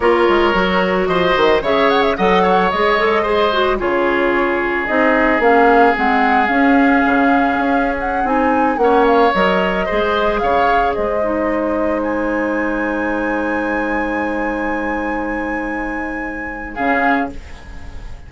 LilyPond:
<<
  \new Staff \with { instrumentName = "flute" } { \time 4/4 \tempo 4 = 111 cis''2 dis''4 e''8 fis''16 e''16 | fis''4 dis''2 cis''4~ | cis''4 dis''4 f''4 fis''4 | f''2~ f''8. fis''8 gis''8.~ |
gis''16 fis''8 f''8 dis''2 f''8.~ | f''16 dis''2 gis''4.~ gis''16~ | gis''1~ | gis''2. f''4 | }
  \new Staff \with { instrumentName = "oboe" } { \time 4/4 ais'2 c''4 cis''4 | dis''8 cis''4. c''4 gis'4~ | gis'1~ | gis'1~ |
gis'16 cis''2 c''4 cis''8.~ | cis''16 c''2.~ c''8.~ | c''1~ | c''2. gis'4 | }
  \new Staff \with { instrumentName = "clarinet" } { \time 4/4 f'4 fis'2 gis'4 | a'4 gis'8 a'8 gis'8 fis'8 f'4~ | f'4 dis'4 cis'4 c'4 | cis'2.~ cis'16 dis'8.~ |
dis'16 cis'4 ais'4 gis'4.~ gis'16~ | gis'8. dis'2.~ dis'16~ | dis'1~ | dis'2. cis'4 | }
  \new Staff \with { instrumentName = "bassoon" } { \time 4/4 ais8 gis8 fis4 f8 dis8 cis4 | fis4 gis2 cis4~ | cis4 c'4 ais4 gis4 | cis'4 cis4 cis'4~ cis'16 c'8.~ |
c'16 ais4 fis4 gis4 cis8.~ | cis16 gis2.~ gis8.~ | gis1~ | gis2. cis4 | }
>>